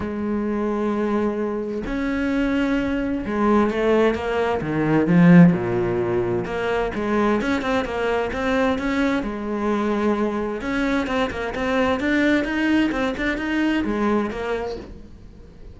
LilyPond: \new Staff \with { instrumentName = "cello" } { \time 4/4 \tempo 4 = 130 gis1 | cis'2. gis4 | a4 ais4 dis4 f4 | ais,2 ais4 gis4 |
cis'8 c'8 ais4 c'4 cis'4 | gis2. cis'4 | c'8 ais8 c'4 d'4 dis'4 | c'8 d'8 dis'4 gis4 ais4 | }